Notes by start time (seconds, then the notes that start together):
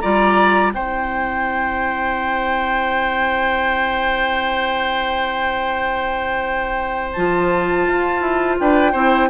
0.00 G3 F4 D5 A#5
0.72 C4 E4 C5 G5
7.13 F3 F4 A5
7.87 F4
8.21 E4
8.59 D4 B4 G5
8.92 C4 E4 C5